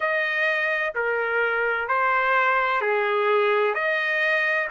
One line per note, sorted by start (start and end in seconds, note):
0.00 0.93 D#5
0.95 1.87 A#4
1.87 2.81 C5
2.81 3.74 G#4
3.74 4.67 D#5